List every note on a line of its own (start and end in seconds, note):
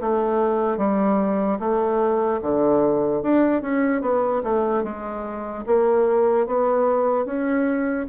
0.00 0.77 A3
0.77 1.58 G3
1.59 2.40 A3
2.41 3.22 D3
3.22 3.62 D4
3.62 4.01 C#4
4.01 4.42 B3
4.43 4.83 A3
4.83 5.64 G#3
5.66 6.46 A#3
6.46 7.25 B3
7.25 8.06 C#4